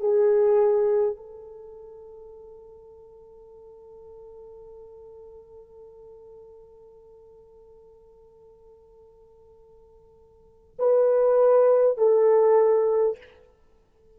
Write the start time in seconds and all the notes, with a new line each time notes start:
0.00 G#4
1.16 A4
10.78 B4
11.97 A4